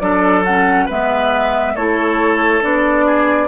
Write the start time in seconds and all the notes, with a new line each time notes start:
0.00 F#3 D4 A4 D5
0.45 C#4 F#5
0.86 G#3 B3 B4 E5
1.76 A3 E4 A4 C#5
2.61 B3 D4 D5
3.06 G#4